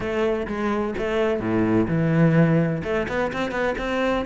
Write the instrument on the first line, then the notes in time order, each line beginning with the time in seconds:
cello
0.00 A3
0.47 G#3
0.98 A3
1.40 A2
1.87 E3
2.83 A3
3.08 B3
3.32 C4
3.51 B3
3.78 C4